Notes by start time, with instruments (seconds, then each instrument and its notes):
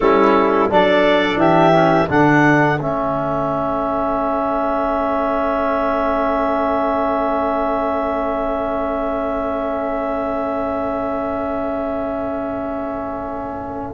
0.00 tuba G3, trombone C#4, flute E4, clarinet A4
0.70 tuba F#3, trombone D4, flute A4, clarinet D5
1.36 tuba E3, flute G4, clarinet E5
1.73 trombone C#4
2.08 tuba D3, trombone D4, flute A4, clarinet F#5
2.79 tuba A3, trombone C#4, clarinet E5